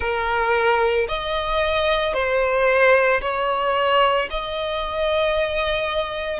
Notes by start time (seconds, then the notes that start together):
0.00 A#4
1.08 D#5
2.13 C5
3.21 C#5
4.30 D#5